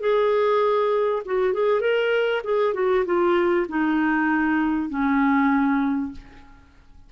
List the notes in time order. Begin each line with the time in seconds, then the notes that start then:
0.00 G#4
1.25 F#4
1.53 G#4
1.80 A#4
2.43 G#4
2.74 F#4
3.05 F4
3.68 D#4
4.89 C#4